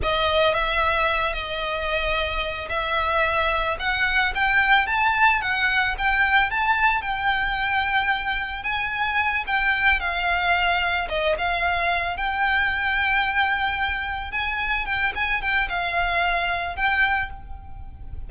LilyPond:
\new Staff \with { instrumentName = "violin" } { \time 4/4 \tempo 4 = 111 dis''4 e''4. dis''4.~ | dis''4 e''2 fis''4 | g''4 a''4 fis''4 g''4 | a''4 g''2. |
gis''4. g''4 f''4.~ | f''8 dis''8 f''4. g''4.~ | g''2~ g''8 gis''4 g''8 | gis''8 g''8 f''2 g''4 | }